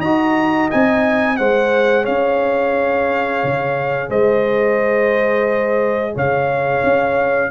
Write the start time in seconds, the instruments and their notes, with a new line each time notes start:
0.00 tuba D#4, trombone F#4, horn D#5, trumpet A#5
0.71 tuba C4, trombone D#4, trumpet G#5
1.37 tuba G#3, trombone G#4, horn C5, trumpet F#5
2.04 tuba C#4, horn C#5, trumpet F5
3.44 tuba C#3
4.10 tuba G#3, horn C5, trumpet D#5
6.15 tuba C#3, horn C#5, trumpet F5
6.83 tuba C#4